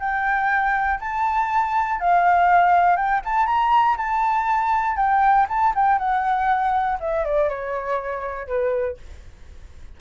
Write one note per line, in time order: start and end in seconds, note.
0.00 1.00 G5
1.00 2.00 A5
2.00 2.97 F5
2.97 3.22 G5
3.25 3.47 A5
3.47 3.97 A#5
3.97 4.96 A5
4.96 5.46 G5
5.49 5.74 A5
5.75 5.99 G5
5.99 6.99 F#5
7.00 7.25 E5
7.25 7.49 D5
7.49 8.47 C#5
8.47 8.97 B4